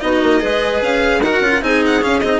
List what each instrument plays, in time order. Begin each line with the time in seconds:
0.00 bassoon B3, cello D#4, clarinet F#4, violin D#5
0.22 bassoon A#3
0.40 bassoon G#3, cello G#4, clarinet B4
0.82 bassoon C#4, violin F5
1.21 bassoon D#4, cello F#4, clarinet A#4, violin F#5
1.40 bassoon C#4, cello F4
1.62 bassoon C4, cello D#4, clarinet G#4, violin G#5
1.86 violin F#5
2.02 cello C#4, bassoon C#4, violin F5
2.20 bassoon C4, cello D#4, violin D#5